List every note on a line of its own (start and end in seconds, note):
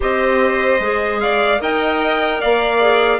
0.00 0.79 C4
0.00 0.80 G4
0.00 1.21 C5
0.00 1.20 D#5
0.79 1.59 G#3
0.79 1.58 G#4
1.20 1.61 D5
1.20 1.60 F5
1.58 2.41 D#4
1.58 2.78 A#4
1.58 2.40 D#5
1.58 2.41 G5
2.40 3.19 A#3
2.40 3.19 D5
2.40 3.19 F5
2.80 3.19 G#4